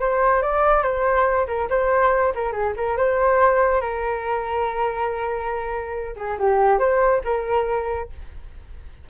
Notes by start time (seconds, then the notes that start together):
0.00 C5
0.42 D5
0.83 C5
1.47 A#4
1.70 C5
2.35 A#4
2.52 G#4
2.77 A#4
2.97 C5
3.81 A#4
6.17 G#4
6.39 G4
6.79 C5
7.24 A#4